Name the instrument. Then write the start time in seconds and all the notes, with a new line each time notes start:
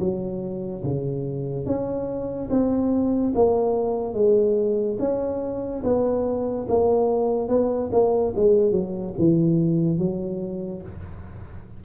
tuba
0.00 F#3
0.84 C#3
1.66 C#4
2.50 C4
3.35 A#3
4.14 G#3
5.00 C#4
5.84 B3
6.69 A#3
7.49 B3
7.92 A#3
8.36 G#3
8.72 F#3
9.19 E3
9.99 F#3